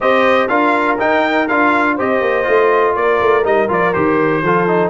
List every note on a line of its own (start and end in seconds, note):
0.00 0.48 C4
0.00 0.49 G4
0.00 0.49 C5
0.00 0.48 D#5
0.48 0.98 D4
0.48 0.98 F4
0.48 1.94 A#4
0.48 0.97 F5
0.98 1.48 D#4
0.98 1.49 D#4
0.98 1.48 G5
1.48 1.99 D4
1.48 1.98 F4
1.48 1.97 F5
1.94 2.20 C4
1.94 2.43 G4
1.94 2.93 C5
1.94 2.95 D#5
2.20 2.45 A#3
2.43 2.95 A3
2.43 3.42 F4
2.95 3.20 A#3
2.95 4.43 A#4
2.95 3.44 D5
3.20 3.44 A3
3.44 3.68 G3
3.44 3.68 D#4
3.44 3.69 D#5
3.68 3.94 F3
3.68 3.92 F4
3.68 3.93 D5
3.93 4.42 D#3
3.93 4.42 G4
3.93 4.90 C5
4.42 4.90 F3
4.42 4.67 F4
4.42 4.90 A4
4.67 4.90 D#4